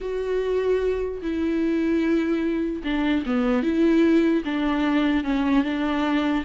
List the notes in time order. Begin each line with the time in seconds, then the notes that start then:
0.00 F#4
1.22 E4
2.84 D4
3.25 B3
3.62 E4
4.44 D4
5.23 C#4
5.64 D4